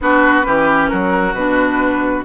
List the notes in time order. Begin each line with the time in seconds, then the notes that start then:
0.00 B3 D4 F#4 B4
0.42 E3 C#4 G4
0.88 F#3 F#4 A#4
1.33 B2 D4 B4